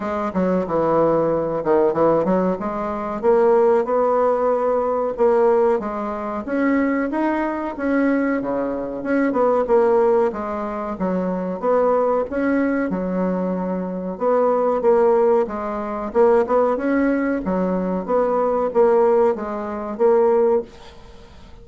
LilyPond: \new Staff \with { instrumentName = "bassoon" } { \time 4/4 \tempo 4 = 93 gis8 fis8 e4. dis8 e8 fis8 | gis4 ais4 b2 | ais4 gis4 cis'4 dis'4 | cis'4 cis4 cis'8 b8 ais4 |
gis4 fis4 b4 cis'4 | fis2 b4 ais4 | gis4 ais8 b8 cis'4 fis4 | b4 ais4 gis4 ais4 | }